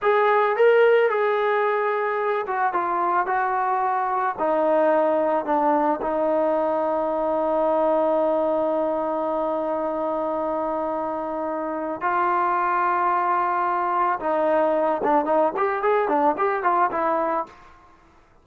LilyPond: \new Staff \with { instrumentName = "trombone" } { \time 4/4 \tempo 4 = 110 gis'4 ais'4 gis'2~ | gis'8 fis'8 f'4 fis'2 | dis'2 d'4 dis'4~ | dis'1~ |
dis'1~ | dis'2 f'2~ | f'2 dis'4. d'8 | dis'8 g'8 gis'8 d'8 g'8 f'8 e'4 | }